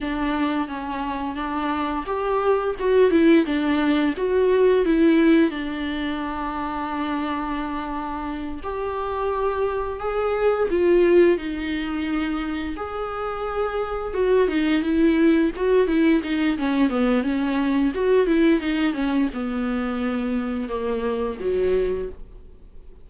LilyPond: \new Staff \with { instrumentName = "viola" } { \time 4/4 \tempo 4 = 87 d'4 cis'4 d'4 g'4 | fis'8 e'8 d'4 fis'4 e'4 | d'1~ | d'8 g'2 gis'4 f'8~ |
f'8 dis'2 gis'4.~ | gis'8 fis'8 dis'8 e'4 fis'8 e'8 dis'8 | cis'8 b8 cis'4 fis'8 e'8 dis'8 cis'8 | b2 ais4 fis4 | }